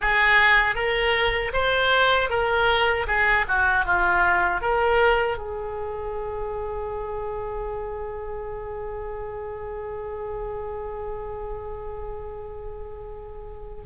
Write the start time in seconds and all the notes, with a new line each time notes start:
0.01 G#4
0.75 A#4
1.53 C5
2.29 A#4
3.07 G#4
3.48 F#4
3.85 F4
4.61 A#4
5.37 G#4